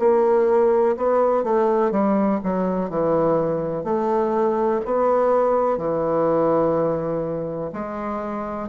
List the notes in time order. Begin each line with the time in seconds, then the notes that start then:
0.00 A#3
0.97 B3
1.44 A3
1.91 G3
2.44 F#3
2.90 E3
3.84 A3
4.86 B3
5.78 E3
7.73 G#3